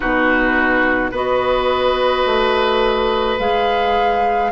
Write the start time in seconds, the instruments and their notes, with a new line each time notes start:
0.00 bassoon B2, clarinet D#4, oboe F#4, flute B4
1.11 bassoon B3, clarinet F#4, oboe B4, flute D#5
2.25 bassoon A3
3.38 bassoon G#3, clarinet G#4, flute F5